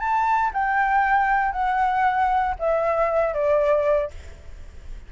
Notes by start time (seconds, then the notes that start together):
0.00 A5
0.54 G5
1.53 F#5
2.59 E5
3.34 D5